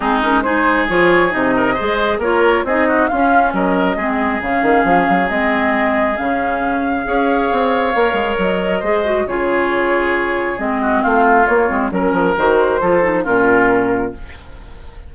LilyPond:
<<
  \new Staff \with { instrumentName = "flute" } { \time 4/4 \tempo 4 = 136 gis'8 ais'8 c''4 cis''4 dis''4~ | dis''4 cis''4 dis''4 f''4 | dis''2 f''2 | dis''2 f''2~ |
f''2. dis''4~ | dis''4 cis''2. | dis''4 f''4 cis''4 ais'4 | c''2 ais'2 | }
  \new Staff \with { instrumentName = "oboe" } { \time 4/4 dis'4 gis'2~ gis'8 ais'8 | c''4 ais'4 gis'8 fis'8 f'4 | ais'4 gis'2.~ | gis'1 |
cis''1 | c''4 gis'2.~ | gis'8 fis'8 f'2 ais'4~ | ais'4 a'4 f'2 | }
  \new Staff \with { instrumentName = "clarinet" } { \time 4/4 c'8 cis'8 dis'4 f'4 dis'4 | gis'4 f'4 dis'4 cis'4~ | cis'4 c'4 cis'2 | c'2 cis'2 |
gis'2 ais'2 | gis'8 fis'8 f'2. | c'2 ais8 c'8 cis'4 | fis'4 f'8 dis'8 cis'2 | }
  \new Staff \with { instrumentName = "bassoon" } { \time 4/4 gis2 f4 c4 | gis4 ais4 c'4 cis'4 | fis4 gis4 cis8 dis8 f8 fis8 | gis2 cis2 |
cis'4 c'4 ais8 gis8 fis4 | gis4 cis2. | gis4 a4 ais8 gis8 fis8 f8 | dis4 f4 ais,2 | }
>>